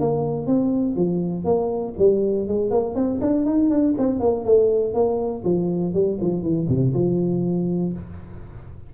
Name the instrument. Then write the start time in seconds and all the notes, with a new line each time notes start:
tuba
0.00 A#3
0.47 C4
0.96 F3
1.45 A#3
1.99 G3
2.48 G#3
2.71 A#3
2.95 C4
3.21 D4
3.46 D#4
3.70 D4
3.98 C4
4.20 A#3
4.45 A3
4.94 A#3
5.45 F3
5.94 G3
6.21 F3
6.43 E3
6.69 C3
6.94 F3